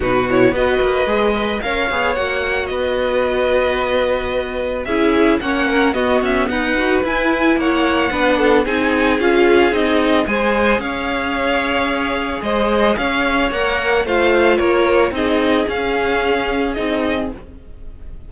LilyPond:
<<
  \new Staff \with { instrumentName = "violin" } { \time 4/4 \tempo 4 = 111 b'8 cis''8 dis''2 f''4 | fis''4 dis''2.~ | dis''4 e''4 fis''4 dis''8 e''8 | fis''4 gis''4 fis''2 |
gis''4 f''4 dis''4 gis''4 | f''2. dis''4 | f''4 fis''4 f''4 cis''4 | dis''4 f''2 dis''4 | }
  \new Staff \with { instrumentName = "violin" } { \time 4/4 fis'4 b'4. dis''8 cis''4~ | cis''4 b'2.~ | b'4 gis'4 cis''8 ais'8 fis'4 | b'2 cis''4 b'8 a'8 |
gis'2. c''4 | cis''2. c''4 | cis''2 c''4 ais'4 | gis'1 | }
  \new Staff \with { instrumentName = "viola" } { \time 4/4 dis'8 e'8 fis'4 gis'8 b'8 ais'8 gis'8 | fis'1~ | fis'4 e'4 cis'4 b4~ | b8 fis'8 e'2 d'4 |
dis'4 f'4 dis'4 gis'4~ | gis'1~ | gis'4 ais'4 f'2 | dis'4 cis'2 dis'4 | }
  \new Staff \with { instrumentName = "cello" } { \time 4/4 b,4 b8 ais8 gis4 cis'8 b8 | ais4 b2.~ | b4 cis'4 ais4 b8 cis'8 | dis'4 e'4 ais4 b4 |
c'4 cis'4 c'4 gis4 | cis'2. gis4 | cis'4 ais4 a4 ais4 | c'4 cis'2 c'4 | }
>>